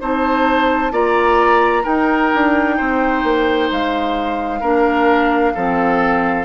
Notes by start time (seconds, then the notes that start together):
0.00 C4 D#4 C5 A5
0.92 A#3 F4 D5 A#5
1.83 D#4 A#4 G5
2.34 D4
2.77 C4 C5
3.23 A#3
3.71 G#3 F5
4.60 A#3 D4 A#4
5.54 F3 C4 A4